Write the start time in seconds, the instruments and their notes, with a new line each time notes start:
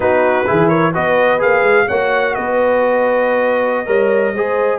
0.00 tuba B3, trombone D#4, horn F#4, trumpet B4
0.46 tuba E3, trombone E4, horn G#4
0.68 horn A#4, trumpet C#5
0.93 tuba B3, trombone F#4, horn B4, trumpet D#5
1.38 tuba A#3, trombone G#4, trumpet F5
1.62 tuba G#3
1.86 tuba A#3, trombone F#4, horn C#5, trumpet F#5
2.34 tuba B3, horn B4, trumpet D#5
3.86 tuba G3, trombone A#4, horn C#5
4.33 tuba G#3, trombone G#4, horn C5